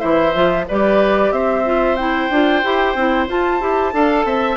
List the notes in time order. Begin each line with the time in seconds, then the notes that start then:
0.00 E3 E4 C5 E5
0.35 F3 F4
0.69 G3 G4 B4 D5
1.32 C4 C5 E5
1.65 F4
1.96 E4 G5
2.30 D4 F4
2.64 E4 G4
2.95 C4 E4
3.29 F4 A5
3.61 E4 G4
3.93 D4 A4 F5
4.25 C4 E5